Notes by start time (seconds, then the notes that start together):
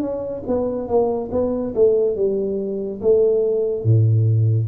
0.00 C#4
0.46 B3
0.88 A#3
1.31 B3
1.74 A3
2.15 G3
3.01 A3
3.84 A2